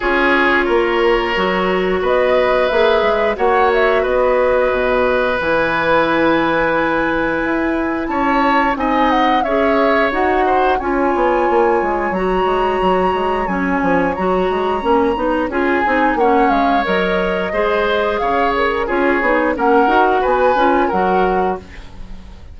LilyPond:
<<
  \new Staff \with { instrumentName = "flute" } { \time 4/4 \tempo 4 = 89 cis''2. dis''4 | e''4 fis''8 e''8 dis''2 | gis''1 | a''4 gis''8 fis''8 e''4 fis''4 |
gis''2 ais''2 | gis''4 ais''2 gis''4 | fis''8 f''8 dis''2 f''8 ais'8 | cis''4 fis''4 gis''4 fis''4 | }
  \new Staff \with { instrumentName = "oboe" } { \time 4/4 gis'4 ais'2 b'4~ | b'4 cis''4 b'2~ | b'1 | cis''4 dis''4 cis''4. c''8 |
cis''1~ | cis''2. gis'4 | cis''2 c''4 cis''4 | gis'4 ais'4 b'4 ais'4 | }
  \new Staff \with { instrumentName = "clarinet" } { \time 4/4 f'2 fis'2 | gis'4 fis'2. | e'1~ | e'4 dis'4 gis'4 fis'4 |
f'2 fis'2 | cis'4 fis'4 cis'8 dis'8 f'8 dis'8 | cis'4 ais'4 gis'2 | f'8 dis'8 cis'8 fis'4 f'8 fis'4 | }
  \new Staff \with { instrumentName = "bassoon" } { \time 4/4 cis'4 ais4 fis4 b4 | ais8 gis8 ais4 b4 b,4 | e2. e'4 | cis'4 c'4 cis'4 dis'4 |
cis'8 b8 ais8 gis8 fis8 gis8 fis8 gis8 | fis8 f8 fis8 gis8 ais8 b8 cis'8 c'8 | ais8 gis8 fis4 gis4 cis4 | cis'8 b8 ais8 dis'8 b8 cis'8 fis4 | }
>>